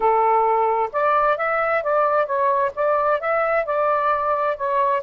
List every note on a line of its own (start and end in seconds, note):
0.00 0.90 A4
0.92 1.37 D5
1.37 1.83 E5
1.83 2.25 D5
2.25 2.71 C#5
2.75 3.20 D5
3.20 3.65 E5
3.65 4.57 D5
4.57 5.02 C#5